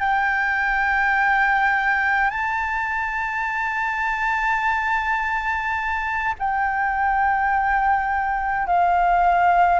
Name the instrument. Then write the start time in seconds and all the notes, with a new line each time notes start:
flute
0.00 G5
2.31 A5
6.39 G5
8.67 F5